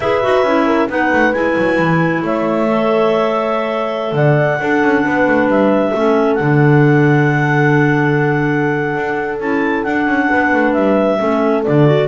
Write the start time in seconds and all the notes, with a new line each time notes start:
0.00 E4 G#4 B4 E5
0.22 D#4 F#4
0.42 C#4 E4
0.66 A#4
0.88 B3 D#4 B4 F#5
1.12 A3
1.33 G#3 E4 G#5
1.57 F#3
1.78 E3
2.22 A3 C#5 E5
2.67 A4
4.11 D3 D5 F#5
4.60 D4 A4
4.82 C#4
5.04 B3 B4
5.27 A3
5.47 G3 E5
5.91 A3 C#4 A4
6.34 D3 D4 F#5
8.95 D4
9.39 C#4 E4 A5
9.83 D4 F#5
10.06 C#4
10.29 B3 B4
10.53 A3
10.73 G3 E5
11.19 A3 C#4 A4
11.63 D3 D4 D5
11.86 F#4